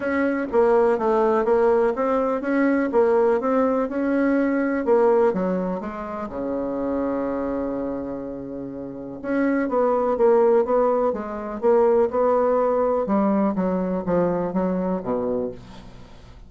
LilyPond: \new Staff \with { instrumentName = "bassoon" } { \time 4/4 \tempo 4 = 124 cis'4 ais4 a4 ais4 | c'4 cis'4 ais4 c'4 | cis'2 ais4 fis4 | gis4 cis2.~ |
cis2. cis'4 | b4 ais4 b4 gis4 | ais4 b2 g4 | fis4 f4 fis4 b,4 | }